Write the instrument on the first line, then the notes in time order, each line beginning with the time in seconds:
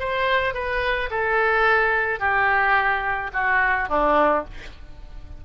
oboe
0.00 C5
0.54 B4
1.11 A4
2.20 G4
3.33 F#4
3.89 D4